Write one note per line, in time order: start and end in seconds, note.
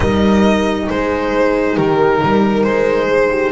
0.00 0.88 G3
0.00 3.51 D#4
0.00 0.85 A#4
0.00 0.88 D#5
0.89 1.77 G#3
0.89 1.75 G#4
0.89 1.76 C5
1.75 2.22 D#3
1.75 2.19 G4
1.75 2.63 A#4
2.21 2.64 G3
2.21 3.07 A#4
2.63 3.51 G#3
2.63 3.51 C5
3.07 3.29 G#4
3.30 3.51 G4